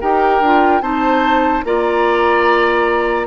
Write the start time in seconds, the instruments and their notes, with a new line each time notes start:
0.00 bassoon D#4, clarinet G4, oboe A#4, flute G5
0.40 bassoon D4, clarinet F4
0.80 bassoon C4, clarinet D#4, oboe C5, flute A5
1.64 bassoon A#3, clarinet F4, oboe D5, flute A#5